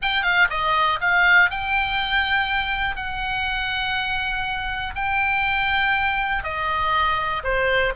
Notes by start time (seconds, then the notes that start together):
0.02 G5
0.22 F5
0.50 D#5
1.01 F5
1.50 G5
2.96 F#5
4.95 G5
6.43 D#5
7.43 C5